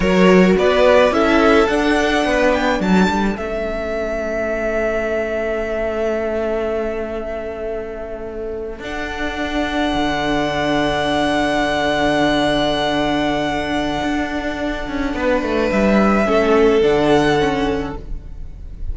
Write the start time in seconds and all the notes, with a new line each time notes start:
0.00 F#3 F#4 A#4 C#5
0.57 B3 B4 D5
1.10 C#4 E4 A4 E5
1.67 D4 F#5
2.24 B3 B4
2.53 G5
2.79 F#3 A4 A5
3.08 G3
3.34 A3 C#4 E5
8.79 D4 F#5
9.93 D3
14.03 D4
14.88 C#4
15.13 B3 B4
15.42 A3
15.71 G3 E5
16.24 A3 C#4 A4
16.81 D3 D4 F#5
17.39 C#4